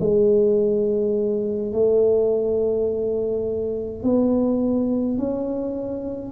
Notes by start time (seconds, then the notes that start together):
0.00 G#3
1.73 A3
4.03 B3
5.19 C#4